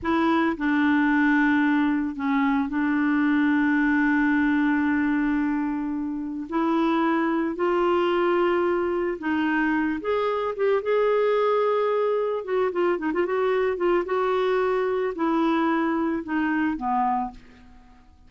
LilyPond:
\new Staff \with { instrumentName = "clarinet" } { \time 4/4 \tempo 4 = 111 e'4 d'2. | cis'4 d'2.~ | d'1 | e'2 f'2~ |
f'4 dis'4. gis'4 g'8 | gis'2. fis'8 f'8 | dis'16 f'16 fis'4 f'8 fis'2 | e'2 dis'4 b4 | }